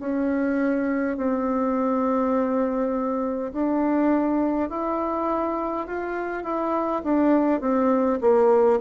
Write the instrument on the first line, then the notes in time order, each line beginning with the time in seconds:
bassoon
0.00 C#4
1.17 C4
3.53 D4
4.70 E4
5.87 F4
6.44 E4
7.04 D4
7.61 C4
8.21 A#3